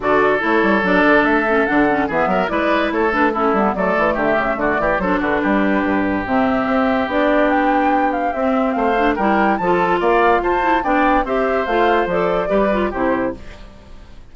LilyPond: <<
  \new Staff \with { instrumentName = "flute" } { \time 4/4 \tempo 4 = 144 d''4 cis''4 d''4 e''4 | fis''4 e''4 d''4 cis''8 b'8 | a'4 d''4 e''4 d''4 | c''8 b'2~ b'8 e''4~ |
e''4 d''4 g''4. f''8 | e''4 f''4 g''4 a''4 | f''4 a''4 g''4 e''4 | f''4 d''2 c''4 | }
  \new Staff \with { instrumentName = "oboe" } { \time 4/4 a'1~ | a'4 gis'8 ais'8 b'4 a'4 | e'4 a'4 g'4 fis'8 g'8 | a'8 fis'8 g'2.~ |
g'1~ | g'4 c''4 ais'4 a'4 | d''4 c''4 d''4 c''4~ | c''2 b'4 g'4 | }
  \new Staff \with { instrumentName = "clarinet" } { \time 4/4 fis'4 e'4 d'4. cis'8 | d'8 cis'8 b4 e'4. d'8 | cis'8 b8 a2. | d'2. c'4~ |
c'4 d'2. | c'4. d'8 e'4 f'4~ | f'4. e'8 d'4 g'4 | f'4 a'4 g'8 f'8 e'4 | }
  \new Staff \with { instrumentName = "bassoon" } { \time 4/4 d4 a8 g8 fis8 d8 a4 | d4 e8 fis8 gis4 a4~ | a8 g8 fis8 e8 d8 cis8 d8 e8 | fis8 d8 g4 g,4 c4 |
c'4 b2. | c'4 a4 g4 f4 | ais4 f'4 b4 c'4 | a4 f4 g4 c4 | }
>>